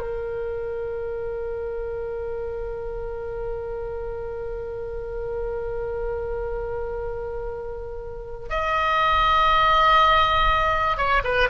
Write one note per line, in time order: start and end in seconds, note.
0.00 8.50 A#4
8.50 10.98 D#5
10.98 11.23 C#5
11.25 11.50 B4